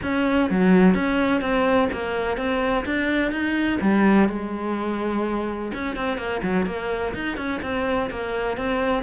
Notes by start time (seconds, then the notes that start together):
0.02 C#4
0.50 F#3
0.94 C#4
1.41 C4
1.92 A#3
2.37 C4
2.85 D4
3.31 D#4
3.81 G3
4.29 G#3
5.74 C#4
5.95 C4
6.17 A#3
6.43 F#3
6.66 A#3
7.14 D#4
7.37 C#4
7.62 C4
8.10 A#3
8.57 C4